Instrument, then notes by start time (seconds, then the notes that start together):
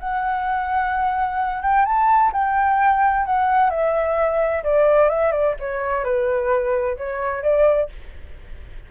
flute
0.00 F#5
1.63 G5
1.86 A5
2.33 G5
3.26 F#5
3.71 E5
4.64 D5
5.10 E5
5.32 D5
5.60 C#5
6.04 B4
6.97 C#5
7.43 D5